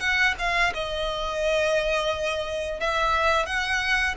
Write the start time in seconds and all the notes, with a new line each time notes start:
0.00 F#5
0.39 F5
0.74 D#5
2.80 E5
3.46 F#5